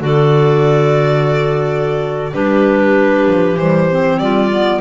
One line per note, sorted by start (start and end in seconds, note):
0.00 2.32 D3
0.00 2.32 F#4
0.00 2.32 A4
0.00 2.34 D5
2.32 3.26 G3
2.32 3.56 D4
2.32 4.18 G4
2.32 3.57 B4
3.27 3.56 F3
3.56 4.18 E3
3.56 3.88 G3
3.56 4.19 C5
3.91 4.50 C4
4.18 4.80 G3
4.18 4.81 F4
4.18 4.81 D5
4.50 4.81 B3